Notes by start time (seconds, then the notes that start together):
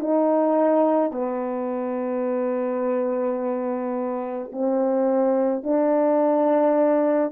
0.00 D#4
1.12 B3
4.52 C4
5.63 D4